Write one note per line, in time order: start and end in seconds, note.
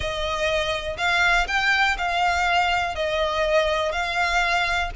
0.00 0.96 D#5
0.97 1.46 F5
1.47 1.96 G5
1.97 2.95 F5
2.95 3.91 D#5
3.91 4.90 F5